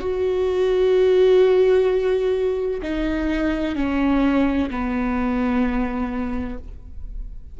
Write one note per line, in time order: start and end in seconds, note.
0.00 2.81 F#4
2.83 3.76 D#4
3.76 4.70 C#4
4.70 6.58 B3